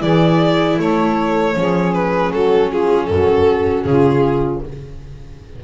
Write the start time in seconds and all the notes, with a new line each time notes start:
0.00 E3 E4 G#4 D5
0.78 A3 A4 C#5
1.54 F3 C#4 G#4
1.93 B4
2.32 F#3 F#4 A4
2.69 F4 G#4
3.06 F#2 F#4 A4
3.83 C#3 F4 G#4